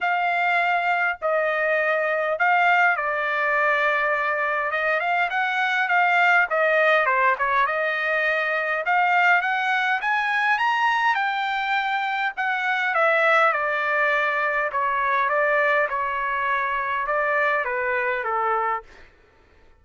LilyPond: \new Staff \with { instrumentName = "trumpet" } { \time 4/4 \tempo 4 = 102 f''2 dis''2 | f''4 d''2. | dis''8 f''8 fis''4 f''4 dis''4 | c''8 cis''8 dis''2 f''4 |
fis''4 gis''4 ais''4 g''4~ | g''4 fis''4 e''4 d''4~ | d''4 cis''4 d''4 cis''4~ | cis''4 d''4 b'4 a'4 | }